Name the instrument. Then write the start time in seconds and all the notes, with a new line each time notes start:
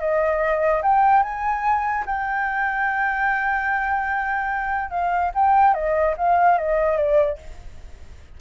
flute
0.00 D#5
0.83 G5
1.23 G#5
2.06 G5
4.91 F5
5.35 G5
5.74 D#5
6.17 F5
6.58 D#5
6.97 D5